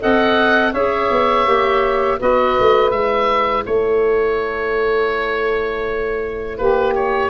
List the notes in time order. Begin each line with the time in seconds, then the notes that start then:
0.00 C4 A4 D#5 F#5
0.71 C#4 G#4 C#5 E5
1.11 B3
1.46 A#3 G4
2.19 B3 F#4 B4 D#5
2.60 A3
2.91 G#3 E4 E5
3.65 A3 A4 C#5
6.57 A#3 G4 B4
6.95 C#5